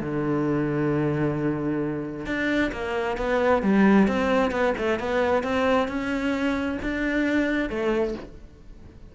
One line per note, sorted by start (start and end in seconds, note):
0.00 2.26 D3
2.26 2.71 D4
2.71 3.17 A#3
3.17 3.62 B3
3.62 4.07 G3
4.07 4.51 C4
4.51 4.73 B3
4.77 4.99 A3
4.99 5.43 B3
5.43 5.88 C4
5.88 6.78 C#4
6.82 7.69 D4
7.69 8.14 A3